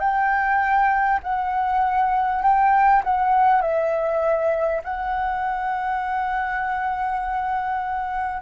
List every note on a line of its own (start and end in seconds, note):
0.00 1.20 G5
1.23 2.43 F#5
2.43 3.03 G5
3.04 3.62 F#5
3.62 4.82 E5
4.84 8.42 F#5